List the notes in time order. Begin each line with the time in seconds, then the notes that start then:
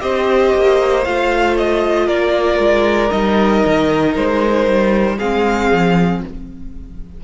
0.00 C4 G4 C5 D#5
0.54 A#3
1.05 A3 F4 F5
1.57 D#5
2.06 A#3 A#4 D5
2.58 G#3
3.09 G3 D#4 D#5
3.65 D#3
4.16 G#3 C5
4.66 G3
5.17 G#3 C4 G#4 F5
5.71 F3